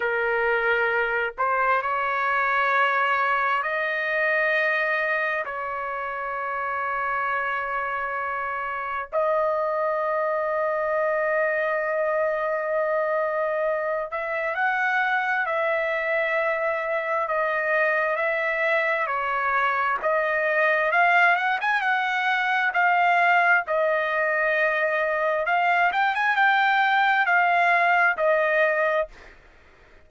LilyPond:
\new Staff \with { instrumentName = "trumpet" } { \time 4/4 \tempo 4 = 66 ais'4. c''8 cis''2 | dis''2 cis''2~ | cis''2 dis''2~ | dis''2.~ dis''8 e''8 |
fis''4 e''2 dis''4 | e''4 cis''4 dis''4 f''8 fis''16 gis''16 | fis''4 f''4 dis''2 | f''8 g''16 gis''16 g''4 f''4 dis''4 | }